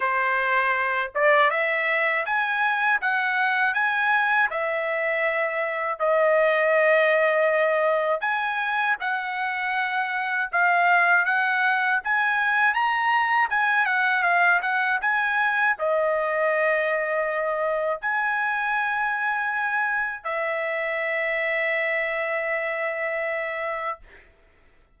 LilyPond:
\new Staff \with { instrumentName = "trumpet" } { \time 4/4 \tempo 4 = 80 c''4. d''8 e''4 gis''4 | fis''4 gis''4 e''2 | dis''2. gis''4 | fis''2 f''4 fis''4 |
gis''4 ais''4 gis''8 fis''8 f''8 fis''8 | gis''4 dis''2. | gis''2. e''4~ | e''1 | }